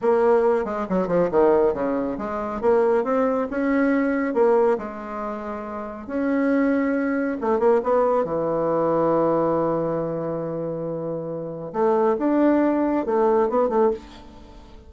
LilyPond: \new Staff \with { instrumentName = "bassoon" } { \time 4/4 \tempo 4 = 138 ais4. gis8 fis8 f8 dis4 | cis4 gis4 ais4 c'4 | cis'2 ais4 gis4~ | gis2 cis'2~ |
cis'4 a8 ais8 b4 e4~ | e1~ | e2. a4 | d'2 a4 b8 a8 | }